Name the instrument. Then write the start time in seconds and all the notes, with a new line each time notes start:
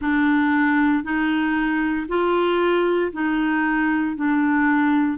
clarinet
0.00 D4
1.03 D#4
2.08 F4
3.12 D#4
4.16 D4